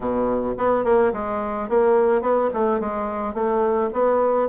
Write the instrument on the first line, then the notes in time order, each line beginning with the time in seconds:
bassoon
0.00 B2
0.57 B3
0.84 A#3
1.12 G#3
1.68 A#3
2.21 B3
2.53 A3
2.79 G#3
3.34 A3
3.93 B3